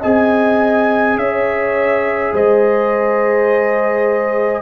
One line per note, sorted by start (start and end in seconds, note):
0.00 1.17 C4
0.00 4.62 G#4
0.00 1.15 D#5
0.00 1.18 G#5
1.17 2.32 C#4
1.17 2.33 C#5
1.17 2.34 E5
2.33 4.62 G#3
2.33 4.62 C5
2.33 4.62 D#5